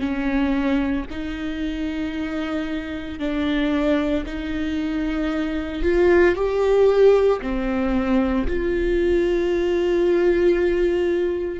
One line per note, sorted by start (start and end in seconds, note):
0.00 1.05 C#4
1.11 3.20 D#4
3.20 4.25 D4
4.26 5.83 D#4
5.83 6.35 F4
6.35 7.41 G4
7.42 8.47 C4
8.47 11.60 F4